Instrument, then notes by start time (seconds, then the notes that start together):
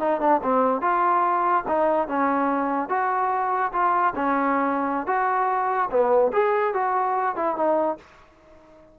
trombone
0.00 D#4
0.21 D4
0.43 C4
0.81 F4
1.68 D#4
2.08 C#4
2.89 F#4
3.72 F4
4.15 C#4
5.07 F#4
5.90 B3
6.33 G#4
6.74 F#4
7.36 E4
7.56 D#4